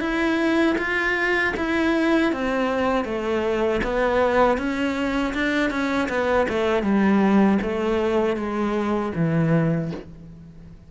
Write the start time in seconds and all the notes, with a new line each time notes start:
0.00 E4
0.78 F4
1.57 E4
2.32 C4
3.05 A3
3.84 B3
4.58 C#4
5.34 D4
5.70 C#4
6.09 B3
6.49 A3
6.83 G3
7.62 A3
8.36 G#3
9.15 E3